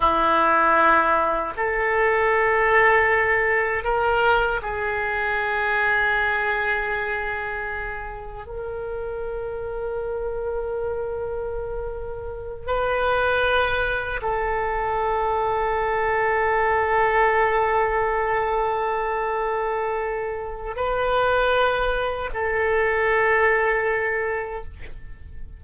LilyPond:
\new Staff \with { instrumentName = "oboe" } { \time 4/4 \tempo 4 = 78 e'2 a'2~ | a'4 ais'4 gis'2~ | gis'2. ais'4~ | ais'1~ |
ais'8 b'2 a'4.~ | a'1~ | a'2. b'4~ | b'4 a'2. | }